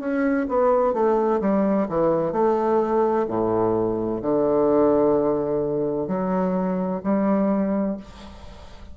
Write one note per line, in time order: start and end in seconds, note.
0.00 0.47 C#4
0.49 0.93 B3
0.93 1.40 A3
1.41 1.87 G3
1.89 2.32 E3
2.32 3.26 A3
3.28 4.21 A2
4.22 6.08 D3
6.08 7.01 F#3
7.04 7.97 G3